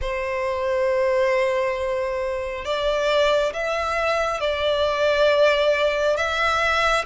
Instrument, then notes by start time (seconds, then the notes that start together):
violin
0.01 C5
2.64 D5
3.53 E5
4.40 D5
6.16 E5